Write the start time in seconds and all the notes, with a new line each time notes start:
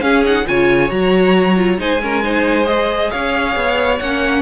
0.00 C#4 G#4 F5
0.25 D#4 F#5
0.45 C#3 F4 C#5 G#5
0.89 F#3 F#4 A#5
1.56 F4
1.78 G#3 D#4 C5 G#5
2.01 C#4 A#4
2.23 D#4 C5
2.63 G#4 D#5
3.10 C#4 C#5 F5
3.56 B3
3.99 A#3 C#4 F#5